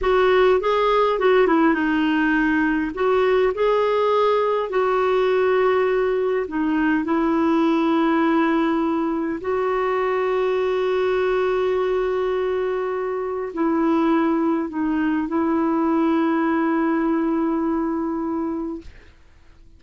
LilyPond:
\new Staff \with { instrumentName = "clarinet" } { \time 4/4 \tempo 4 = 102 fis'4 gis'4 fis'8 e'8 dis'4~ | dis'4 fis'4 gis'2 | fis'2. dis'4 | e'1 |
fis'1~ | fis'2. e'4~ | e'4 dis'4 e'2~ | e'1 | }